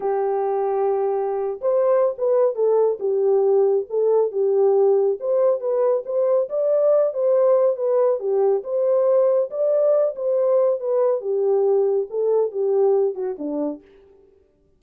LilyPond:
\new Staff \with { instrumentName = "horn" } { \time 4/4 \tempo 4 = 139 g'2.~ g'8. c''16~ | c''4 b'4 a'4 g'4~ | g'4 a'4 g'2 | c''4 b'4 c''4 d''4~ |
d''8 c''4. b'4 g'4 | c''2 d''4. c''8~ | c''4 b'4 g'2 | a'4 g'4. fis'8 d'4 | }